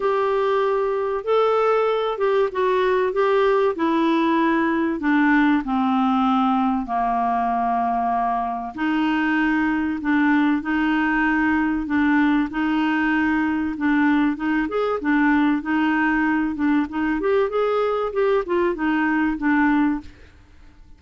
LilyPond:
\new Staff \with { instrumentName = "clarinet" } { \time 4/4 \tempo 4 = 96 g'2 a'4. g'8 | fis'4 g'4 e'2 | d'4 c'2 ais4~ | ais2 dis'2 |
d'4 dis'2 d'4 | dis'2 d'4 dis'8 gis'8 | d'4 dis'4. d'8 dis'8 g'8 | gis'4 g'8 f'8 dis'4 d'4 | }